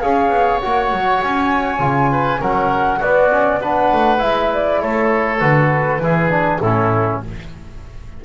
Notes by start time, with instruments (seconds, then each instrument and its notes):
0.00 double bass C#4, trombone G#4, oboe C#5, flute F5
0.30 double bass B3
0.62 double bass A#3, trombone F#4, flute F#5
0.92 double bass F#3
1.23 double bass C#4, flute G#5
1.79 double bass C#3, trombone F4
2.12 oboe B4
2.40 double bass F#3, trombone C#4, oboe A#4, flute F#5
3.00 double bass B3, trombone B3, oboe F#4, flute D5
3.31 trombone C#4
3.61 trombone D4, oboe B4, flute F#5
3.93 double bass A3
4.18 double bass G#3, trombone E4, flute E5
4.53 flute D5
4.82 double bass A3, oboe A4, flute C#5
5.40 double bass D3, trombone F#4, flute B4
5.99 double bass E3, trombone E4, oboe G#4
6.30 trombone D4
6.60 double bass A2, trombone C#4, oboe E4, flute A4